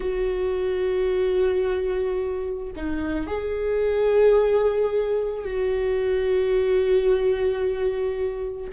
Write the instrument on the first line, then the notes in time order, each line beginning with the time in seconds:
viola
0.00 F#4
2.76 D#4
3.26 G#4
5.44 F#4